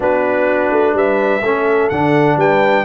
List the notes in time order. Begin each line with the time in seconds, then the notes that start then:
0.00 B3 D4 F#4 B4
0.71 A3
0.93 G3 B4 E5
1.41 A3 C#4 A4
1.89 D3 D4 F#5
2.36 G3 B4 G5